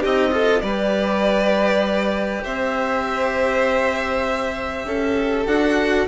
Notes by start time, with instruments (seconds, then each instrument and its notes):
0.00 bassoon C4, cello D#4, violin G4 D#5
0.31 cello F4, violin A4
0.61 bassoon G3, cello G4, violin B4 D5
2.43 bassoon C4, violin C5 E5
4.84 bassoon C#4, violin A4
5.46 bassoon D4, cello F#4, violin F#5